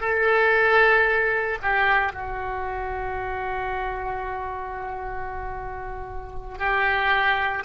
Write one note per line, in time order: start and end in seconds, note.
0.00 1.58 A4
1.62 2.12 G4
2.12 6.58 F#4
6.58 7.63 G4